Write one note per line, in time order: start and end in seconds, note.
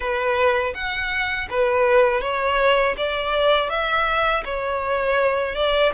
0.00 0.73 B4
0.74 1.48 F#5
1.49 2.21 B4
2.21 2.95 C#5
2.97 3.69 D5
3.69 4.43 E5
4.44 5.55 C#5
5.55 5.92 D5